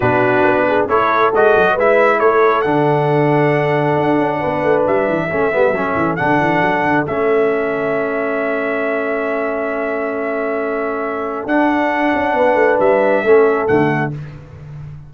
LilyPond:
<<
  \new Staff \with { instrumentName = "trumpet" } { \time 4/4 \tempo 4 = 136 b'2 cis''4 dis''4 | e''4 cis''4 fis''2~ | fis''2. e''4~ | e''2 fis''2 |
e''1~ | e''1~ | e''2 fis''2~ | fis''4 e''2 fis''4 | }
  \new Staff \with { instrumentName = "horn" } { \time 4/4 fis'4. gis'8 a'2 | b'4 a'2.~ | a'2 b'2 | a'1~ |
a'1~ | a'1~ | a'1 | b'2 a'2 | }
  \new Staff \with { instrumentName = "trombone" } { \time 4/4 d'2 e'4 fis'4 | e'2 d'2~ | d'1 | cis'8 b8 cis'4 d'2 |
cis'1~ | cis'1~ | cis'2 d'2~ | d'2 cis'4 a4 | }
  \new Staff \with { instrumentName = "tuba" } { \time 4/4 b,4 b4 a4 gis8 fis8 | gis4 a4 d2~ | d4 d'8 cis'8 b8 a8 g8 e8 | a8 g8 fis8 e8 d8 e8 fis8 d8 |
a1~ | a1~ | a2 d'4. cis'8 | b8 a8 g4 a4 d4 | }
>>